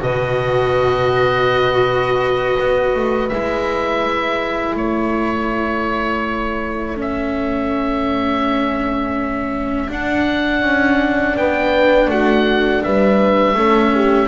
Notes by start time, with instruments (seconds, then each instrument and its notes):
0.00 double bass B2, cello F#4, horn B4, oboe D#5
2.60 double bass B3
2.95 double bass A3
3.29 double bass G#3, cello E4, oboe E5
4.75 double bass A3, horn A4, oboe C#5
6.97 cello C#4, oboe E5
9.89 cello D4, double bass D4, oboe F#5
10.62 double bass C#4
11.36 double bass B3, horn B4, oboe G5
12.07 double bass A3, horn F#4, oboe F#5
12.84 double bass G3, horn B4, oboe E5
13.54 double bass A3, cello C#4, horn A4
13.94 horn G4